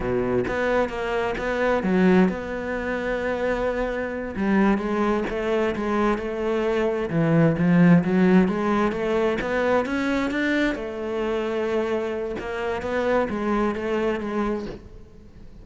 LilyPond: \new Staff \with { instrumentName = "cello" } { \time 4/4 \tempo 4 = 131 b,4 b4 ais4 b4 | fis4 b2.~ | b4. g4 gis4 a8~ | a8 gis4 a2 e8~ |
e8 f4 fis4 gis4 a8~ | a8 b4 cis'4 d'4 a8~ | a2. ais4 | b4 gis4 a4 gis4 | }